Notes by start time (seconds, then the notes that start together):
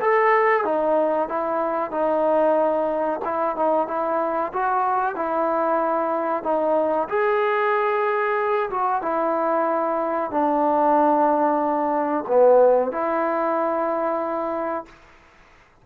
0.00 A4
0.64 D#4
1.28 E4
1.91 D#4
3.24 E4
3.56 D#4
3.87 E4
4.52 F#4
5.15 E4
6.43 D#4
7.08 G#4
8.70 F#4
9.01 E4
10.31 D4
12.27 B3
12.91 E4